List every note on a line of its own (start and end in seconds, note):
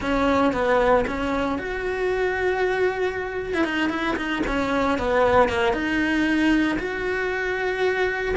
0.00 0.52 C#4
0.52 1.05 B3
1.07 1.58 C#4
1.58 3.53 F#4
3.53 3.64 E4
3.64 3.89 D#4
3.89 4.15 E4
4.16 4.42 D#4
4.46 4.98 C#4
4.98 5.49 B3
5.49 5.73 A#3
5.73 6.77 D#4
6.78 8.35 F#4